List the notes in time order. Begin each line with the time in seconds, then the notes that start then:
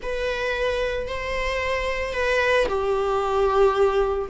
0.02 B4
1.07 C5
2.13 B4
2.68 G4